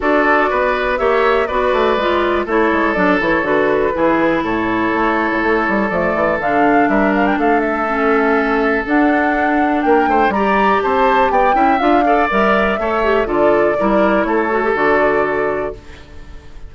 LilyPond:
<<
  \new Staff \with { instrumentName = "flute" } { \time 4/4 \tempo 4 = 122 d''2 e''4 d''4~ | d''4 cis''4 d''8 cis''8 b'4~ | b'4 cis''2. | d''4 f''4 e''8 f''16 g''16 f''8 e''8~ |
e''2 fis''2 | g''4 ais''4 a''4 g''4 | f''4 e''2 d''4~ | d''4 cis''4 d''2 | }
  \new Staff \with { instrumentName = "oboe" } { \time 4/4 a'4 b'4 cis''4 b'4~ | b'4 a'2. | gis'4 a'2.~ | a'2 ais'4 a'4~ |
a'1 | ais'8 c''8 d''4 c''4 d''8 e''8~ | e''8 d''4. cis''4 a'4 | ais'4 a'2. | }
  \new Staff \with { instrumentName = "clarinet" } { \time 4/4 fis'2 g'4 fis'4 | f'4 e'4 d'8 e'8 fis'4 | e'1 | a4 d'2. |
cis'2 d'2~ | d'4 g'2~ g'8 e'8 | f'8 a'8 ais'4 a'8 g'8 f'4 | e'4. fis'16 g'16 fis'2 | }
  \new Staff \with { instrumentName = "bassoon" } { \time 4/4 d'4 b4 ais4 b8 a8 | gis4 a8 gis8 fis8 e8 d4 | e4 a,4 a8. a,16 a8 g8 | f8 e8 d4 g4 a4~ |
a2 d'2 | ais8 a8 g4 c'4 b8 cis'8 | d'4 g4 a4 d4 | g4 a4 d2 | }
>>